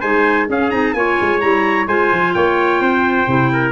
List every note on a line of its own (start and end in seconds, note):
0.00 0.49 G#3
0.00 0.48 D#4
0.00 0.47 C5
0.00 0.47 G#5
0.48 0.70 C#4
0.48 0.72 C#4
0.48 0.97 G#4
0.48 0.70 F5
0.70 0.94 C4
0.70 0.94 D#4
0.70 0.93 A#5
0.93 1.17 A#3
0.93 1.41 F4
0.93 1.88 C#5
0.93 1.40 G#5
1.21 1.42 G#3
1.40 1.86 G3
1.40 1.88 E4
1.40 1.87 A#5
1.86 2.10 G#3
1.86 3.27 F4
1.86 2.34 C5
1.86 2.34 G#5
2.12 2.35 F3
2.34 2.80 A#3
2.34 2.81 C#5
2.34 3.72 G5
2.80 3.27 C4
2.80 3.51 C5
3.27 3.72 C3
3.27 3.72 E4
3.53 3.72 A#4